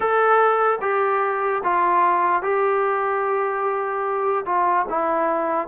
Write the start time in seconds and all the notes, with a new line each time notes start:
0.00 A4
0.81 G4
1.63 F4
2.42 G4
4.45 F4
4.89 E4